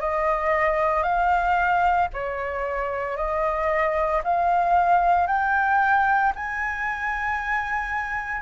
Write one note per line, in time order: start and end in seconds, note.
0.00 1.03 D#5
1.03 2.08 F5
2.13 3.16 C#5
3.16 4.22 D#5
4.23 5.27 F5
5.27 6.32 G5
6.35 8.41 G#5